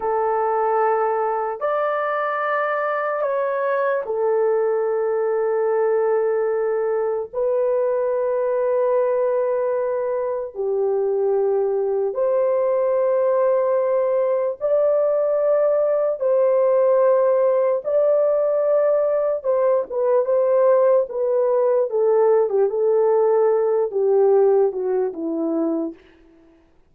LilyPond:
\new Staff \with { instrumentName = "horn" } { \time 4/4 \tempo 4 = 74 a'2 d''2 | cis''4 a'2.~ | a'4 b'2.~ | b'4 g'2 c''4~ |
c''2 d''2 | c''2 d''2 | c''8 b'8 c''4 b'4 a'8. g'16 | a'4. g'4 fis'8 e'4 | }